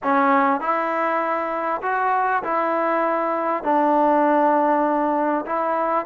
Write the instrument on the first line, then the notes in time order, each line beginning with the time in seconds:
trombone
0.03 C#4
0.60 E4
1.82 F#4
2.43 E4
3.63 D4
5.46 E4